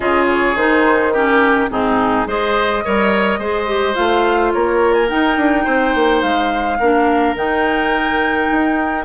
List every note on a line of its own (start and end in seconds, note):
0.00 0.55 C#3
0.00 0.55 F4
0.00 1.12 G#4
0.00 0.26 D#5
0.29 0.56 C#5
0.55 1.68 D#3
0.55 1.14 D#4
0.55 1.12 C5
1.12 1.69 C#4
1.12 1.69 G4
1.12 1.69 A#4
1.69 2.26 G#2
1.69 2.26 C4
1.69 2.27 D#4
1.69 2.27 G#4
2.26 2.82 G#3
2.26 2.83 G#4
2.26 2.84 C5
2.26 3.95 D#5
2.84 3.38 G3
2.84 3.40 A#4
2.84 3.39 C#5
3.38 3.95 G#3
3.38 3.67 G#4
3.38 4.52 C5
3.67 3.94 G4
3.94 4.54 A3
3.94 5.07 F4
3.94 4.52 F5
4.52 5.10 A#3
4.52 5.64 A#4
4.52 4.93 C#5
4.93 5.07 G#5
5.07 6.77 D#4
5.07 5.36 D#4
5.07 6.21 G5
5.36 5.65 D4
5.64 5.94 C4
5.64 6.77 C5
5.94 6.22 A#3
6.21 6.79 G#3
6.21 7.34 F5
6.79 7.35 A#3
6.79 7.37 D4
6.79 9.04 A#4
7.35 8.48 D#3
7.35 9.04 D#4
7.35 9.04 G5
8.51 9.04 D#4